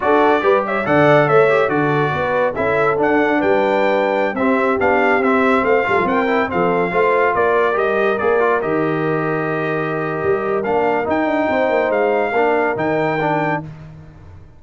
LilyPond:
<<
  \new Staff \with { instrumentName = "trumpet" } { \time 4/4 \tempo 4 = 141 d''4. e''8 fis''4 e''4 | d''2 e''4 fis''4 | g''2~ g''16 e''4 f''8.~ | f''16 e''4 f''4 g''4 f''8.~ |
f''4~ f''16 d''4 dis''4 d''8.~ | d''16 dis''2.~ dis''8.~ | dis''4 f''4 g''2 | f''2 g''2 | }
  \new Staff \with { instrumentName = "horn" } { \time 4/4 a'4 b'8 cis''8 d''4 cis''4 | a'4 b'4 a'2 | b'2~ b'16 g'4.~ g'16~ | g'4~ g'16 c''8 a'8 ais'4 a'8.~ |
a'16 c''4 ais'2~ ais'8.~ | ais'1~ | ais'2. c''4~ | c''4 ais'2. | }
  \new Staff \with { instrumentName = "trombone" } { \time 4/4 fis'4 g'4 a'4. g'8 | fis'2 e'4 d'4~ | d'2~ d'16 c'4 d'8.~ | d'16 c'4. f'4 e'8 c'8.~ |
c'16 f'2 g'4 gis'8 f'16~ | f'16 g'2.~ g'8.~ | g'4 d'4 dis'2~ | dis'4 d'4 dis'4 d'4 | }
  \new Staff \with { instrumentName = "tuba" } { \time 4/4 d'4 g4 d4 a4 | d4 b4 cis'4 d'4 | g2~ g16 c'4 b8.~ | b16 c'4 a8 g16 f16 c'4 f8.~ |
f16 a4 ais4 g4 ais8.~ | ais16 dis2.~ dis8. | g4 ais4 dis'8 d'8 c'8 ais8 | gis4 ais4 dis2 | }
>>